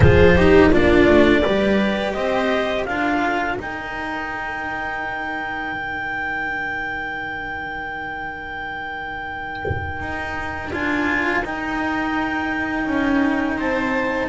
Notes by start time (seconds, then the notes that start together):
0.00 F3 F4 G#4 C5
0.35 D#4 G4
0.70 A#3 D4 F4 D5
1.07 A3
1.42 G3 G4 B4
2.13 C4 C5 D#5
2.84 D4 F4 A#4 F5
3.56 D#4 G5
5.72 D#3
9.99 D#4
10.72 D4 F4 G#5
11.43 D#4 G5
12.86 C#4
13.57 C4 C5 A5